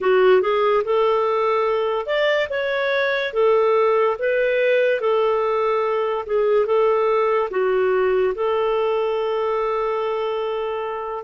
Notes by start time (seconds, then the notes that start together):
0.00 F#4
0.41 G#4
0.84 A4
2.06 D5
2.49 C#5
3.33 A4
4.18 B4
5.00 A4
6.26 G#4
6.66 A4
7.50 F#4
8.34 A4